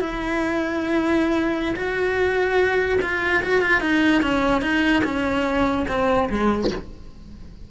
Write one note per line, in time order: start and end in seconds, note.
0.00 1.75 E4
1.76 2.99 F#4
3.01 3.43 F4
3.43 3.61 F#4
3.61 3.81 F4
3.81 4.22 D#4
4.22 4.61 C#4
4.61 5.02 D#4
5.04 5.86 C#4
5.88 6.29 C4
6.29 6.70 G#3